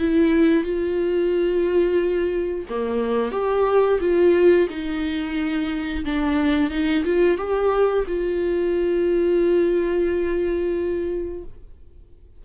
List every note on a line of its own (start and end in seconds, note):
0.00 0.64 E4
0.64 2.67 F4
2.70 3.32 A#3
3.32 4.00 G4
4.01 4.68 F4
4.70 6.05 D#4
6.06 6.71 D4
6.71 7.04 D#4
7.05 7.38 F4
7.38 8.05 G4
8.07 11.45 F4